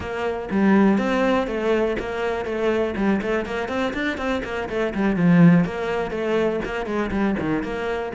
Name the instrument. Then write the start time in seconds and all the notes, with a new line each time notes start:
cello
0.00 A#3
0.50 G3
0.98 C4
1.47 A3
1.99 A#3
2.45 A3
2.96 G3
3.21 A3
3.45 A#3
3.68 C4
3.93 D4
4.17 C4
4.44 A#3
4.69 A3
4.94 G3
5.15 F3
5.64 A#3
6.10 A3
6.64 A#3
6.86 G#3
7.11 G3
7.39 D#3
7.63 A#3